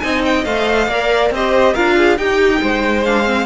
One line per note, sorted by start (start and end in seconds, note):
0.00 0.45 C4
0.00 0.45 D#4
0.00 0.90 D#5
0.00 0.22 G#5
0.25 0.45 G5
0.45 0.87 A3
0.45 0.90 C5
0.45 1.31 F5
0.87 1.30 A#3
0.87 1.35 A#4
0.87 1.33 D5
1.30 1.74 C4
1.30 1.76 G4
1.30 1.74 C5
1.30 1.75 D#5
1.74 2.18 D4
1.74 2.18 F4
1.74 1.95 A#4
1.74 2.18 F5
1.97 2.19 G#4
2.18 2.61 D#4
2.18 3.05 D#4
2.18 2.61 G4
2.18 3.04 G5
2.61 3.46 G#3
2.61 3.46 C5
3.04 3.25 D4
3.04 3.46 F5
3.25 3.46 C4